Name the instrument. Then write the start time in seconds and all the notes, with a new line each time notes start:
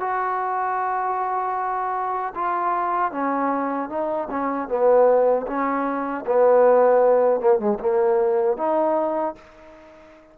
trombone
0.00 F#4
2.35 F4
3.12 C#4
3.90 D#4
4.30 C#4
4.69 B3
5.47 C#4
6.27 B3
7.41 A#3
7.59 G#3
7.80 A#3
8.57 D#4